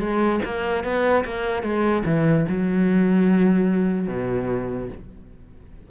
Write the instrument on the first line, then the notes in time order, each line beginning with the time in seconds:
cello
0.00 G#3
0.45 A#3
0.84 B3
1.25 A#3
1.63 G#3
2.06 E3
2.49 F#3
4.08 B2